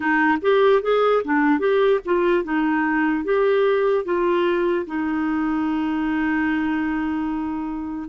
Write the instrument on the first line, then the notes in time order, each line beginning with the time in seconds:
clarinet
0.00 D#4
0.41 G4
0.81 G#4
1.24 D4
1.59 G4
2.05 F4
2.43 D#4
3.24 G4
4.04 F4
4.86 D#4